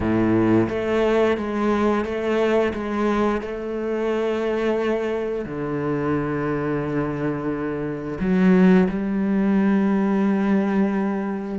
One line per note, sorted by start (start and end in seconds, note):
0.00 0.68 A2
0.69 1.37 A3
1.37 2.05 G#3
2.05 2.73 A3
2.73 3.41 G#3
3.41 5.45 A3
5.45 8.18 D3
8.20 8.88 F#3
8.89 11.58 G3